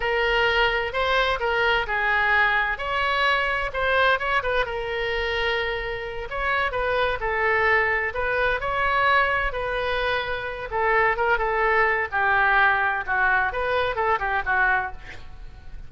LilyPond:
\new Staff \with { instrumentName = "oboe" } { \time 4/4 \tempo 4 = 129 ais'2 c''4 ais'4 | gis'2 cis''2 | c''4 cis''8 b'8 ais'2~ | ais'4. cis''4 b'4 a'8~ |
a'4. b'4 cis''4.~ | cis''8 b'2~ b'8 a'4 | ais'8 a'4. g'2 | fis'4 b'4 a'8 g'8 fis'4 | }